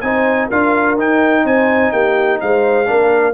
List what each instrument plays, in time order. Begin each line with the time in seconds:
0.00 tuba C4, trombone D#4, horn C5, trumpet G#5
0.47 tuba D4, trombone F4, horn A#4, trumpet F5
0.97 trombone D#4, tuba D#4, trumpet G5
1.44 tuba C4, horn C5, trumpet G#5
1.91 tuba A#3, horn G4, trumpet G5
2.40 tuba G#3, horn C5, trumpet F5
2.85 tuba A#3, trombone D4, horn A#4